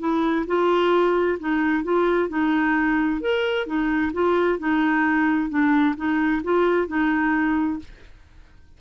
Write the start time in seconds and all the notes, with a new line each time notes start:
0.00 E4
0.47 F4
1.40 D#4
1.84 F4
2.29 D#4
3.21 A#4
3.67 D#4
4.14 F4
4.59 D#4
5.50 D4
5.97 D#4
6.44 F4
6.88 D#4